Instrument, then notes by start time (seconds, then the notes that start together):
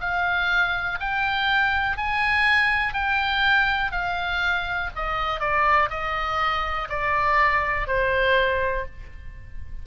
oboe
0.00 F5
1.00 G5
1.97 G#5
2.93 G5
3.91 F5
4.95 D#5
5.40 D5
5.90 D#5
6.89 D5
7.87 C5